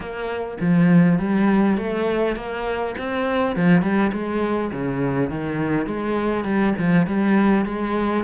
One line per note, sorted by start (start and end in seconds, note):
0.00 0.57 A#3
0.60 1.18 F3
1.18 1.77 G3
1.77 2.36 A3
2.36 2.95 A#3
2.98 3.56 C4
3.56 3.82 F3
3.82 4.11 G3
4.12 4.71 G#3
4.72 5.29 C#3
5.29 5.86 D#3
5.86 6.44 G#3
6.44 6.74 G3
6.78 7.06 F3
7.06 7.65 G3
7.65 8.24 G#3